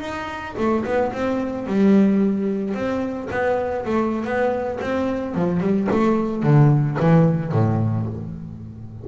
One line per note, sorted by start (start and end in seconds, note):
0.00 0.55 D#4
0.57 0.84 A3
0.85 1.12 B3
1.12 1.66 C4
1.66 2.74 G3
2.74 3.28 C4
3.30 3.85 B3
3.85 4.24 A3
4.24 4.79 B3
4.80 5.34 C4
5.34 5.60 F3
5.60 5.87 G3
5.91 6.43 A3
6.43 6.97 D3
7.00 7.52 E3
7.52 8.06 A2